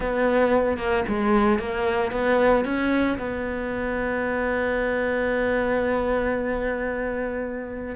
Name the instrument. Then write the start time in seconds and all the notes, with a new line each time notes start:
cello
0.00 B3
0.77 A#3
1.08 G#3
1.59 A#3
2.11 B3
2.64 C#4
3.18 B3